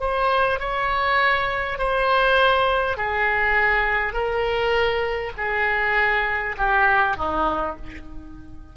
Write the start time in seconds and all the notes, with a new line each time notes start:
0.00 C5
0.60 C#5
1.78 C5
2.97 G#4
4.13 A#4
5.37 G#4
6.58 G4
7.17 D#4